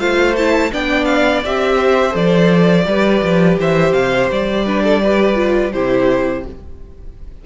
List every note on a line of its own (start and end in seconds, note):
0.00 0.72 A3
0.00 0.36 F4
0.00 0.71 C5
0.00 0.36 F5
0.37 0.72 E4
0.37 0.72 A5
0.72 1.45 B3
0.72 1.44 D4
0.72 1.77 D5
0.72 1.05 G5
1.05 1.41 F5
1.46 2.15 C4
1.46 2.11 G4
1.46 2.16 E5
1.77 2.84 C5
2.11 2.86 F3
2.11 2.83 A4
2.11 3.59 D5
2.87 3.22 G3
2.87 4.67 G4
2.87 3.59 B4
3.23 3.58 F3
3.59 3.93 E3
3.59 4.66 C5
3.59 3.94 E5
3.93 4.29 C3
3.93 4.29 F5
4.32 5.75 G3
4.32 5.73 D5
4.66 5.03 D4
4.66 4.83 B4
4.84 5.02 A4
5.03 5.36 G4
5.03 5.74 B4
5.36 5.71 F4
5.73 6.46 C3
5.73 6.45 E4
5.73 6.45 G4
5.73 6.44 C5